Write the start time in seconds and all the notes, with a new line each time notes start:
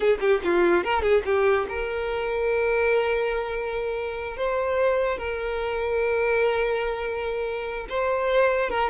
0.00 G#4
0.20 G4
0.44 F4
0.84 A#4
1.01 G#4
1.25 G4
1.68 A#4
4.37 C5
5.17 A#4
7.89 C5
8.70 A#4